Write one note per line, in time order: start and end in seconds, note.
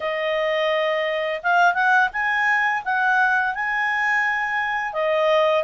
0.00 1.41 D#5
1.42 1.74 F5
1.74 2.09 F#5
2.12 2.83 G#5
2.84 3.54 F#5
3.54 4.93 G#5
4.93 5.63 D#5